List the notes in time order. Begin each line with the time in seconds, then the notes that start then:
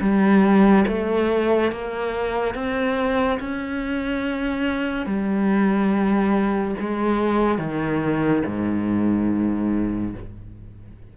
0.00 G3
0.88 A3
1.72 A#3
2.54 C4
3.40 C#4
5.06 G3
6.80 G#3
7.57 D#3
8.45 G#2